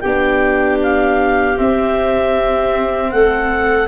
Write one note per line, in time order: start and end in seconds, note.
0.00 1.58 B3
0.00 1.56 D4
0.00 3.10 G4
0.00 0.77 G5
0.83 1.58 F5
1.56 3.87 C4
1.56 3.12 C4
1.56 3.11 E5
3.11 3.87 A3
3.11 3.87 A4
3.11 3.87 F#5